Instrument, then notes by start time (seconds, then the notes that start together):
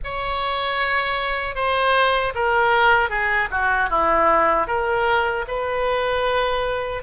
oboe
0.04 C#5
1.55 C5
2.34 A#4
3.09 G#4
3.50 F#4
3.89 E4
4.67 A#4
5.47 B4